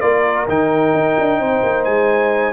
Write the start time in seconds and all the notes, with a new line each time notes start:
0.00 A#3 F4 A#4 D5
0.48 D#3 D#4 G5
0.94 D#4
1.19 D4
1.40 C4 C5
1.63 A#3
1.84 G#3 G#5